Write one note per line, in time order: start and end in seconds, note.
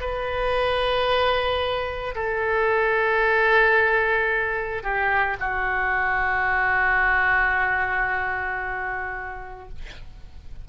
0.00 2.14 B4
2.15 4.83 A4
4.83 5.37 G4
5.40 9.68 F#4